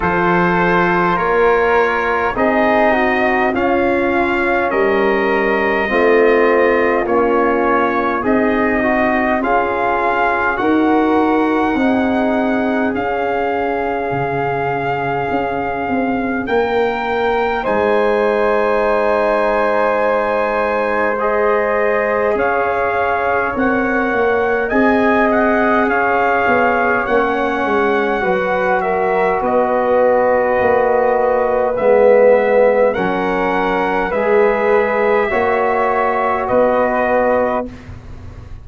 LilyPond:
<<
  \new Staff \with { instrumentName = "trumpet" } { \time 4/4 \tempo 4 = 51 c''4 cis''4 dis''4 f''4 | dis''2 cis''4 dis''4 | f''4 fis''2 f''4~ | f''2 g''4 gis''4~ |
gis''2 dis''4 f''4 | fis''4 gis''8 fis''8 f''4 fis''4~ | fis''8 e''8 dis''2 e''4 | fis''4 e''2 dis''4 | }
  \new Staff \with { instrumentName = "flute" } { \time 4/4 a'4 ais'4 gis'8 fis'8 f'4 | ais'4 f'2 dis'4 | gis'4 ais'4 gis'2~ | gis'2 ais'4 c''4~ |
c''2. cis''4~ | cis''4 dis''4 cis''2 | b'8 ais'8 b'2. | ais'4 b'4 cis''4 b'4 | }
  \new Staff \with { instrumentName = "trombone" } { \time 4/4 f'2 dis'4 cis'4~ | cis'4 c'4 cis'4 gis'8 fis'8 | f'4 fis'4 dis'4 cis'4~ | cis'2. dis'4~ |
dis'2 gis'2 | ais'4 gis'2 cis'4 | fis'2. b4 | cis'4 gis'4 fis'2 | }
  \new Staff \with { instrumentName = "tuba" } { \time 4/4 f4 ais4 c'4 cis'4 | g4 a4 ais4 c'4 | cis'4 dis'4 c'4 cis'4 | cis4 cis'8 c'8 ais4 gis4~ |
gis2. cis'4 | c'8 ais8 c'4 cis'8 b8 ais8 gis8 | fis4 b4 ais4 gis4 | fis4 gis4 ais4 b4 | }
>>